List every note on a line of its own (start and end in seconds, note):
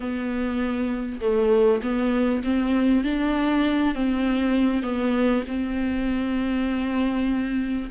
0.00 1.20 B3
1.20 1.81 A3
1.82 2.42 B3
2.43 3.04 C4
3.04 3.94 D4
3.94 4.82 C4
4.82 5.43 B3
5.47 7.90 C4